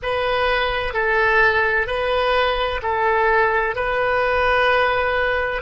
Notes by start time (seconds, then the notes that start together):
0.02 B4
0.93 A4
1.87 B4
2.82 A4
3.75 B4